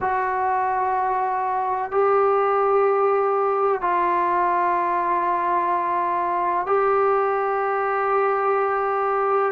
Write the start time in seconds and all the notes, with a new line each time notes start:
0.00 F#4
1.91 G4
3.81 F4
6.66 G4